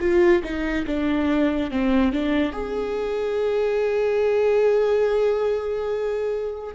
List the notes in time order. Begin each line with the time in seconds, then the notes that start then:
0.00 F4
0.43 D#4
0.86 D4
1.71 C4
2.12 D4
2.52 G#4